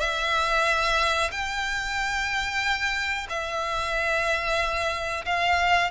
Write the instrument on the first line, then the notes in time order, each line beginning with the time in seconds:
violin
0.00 E5
1.31 G5
3.29 E5
5.25 F5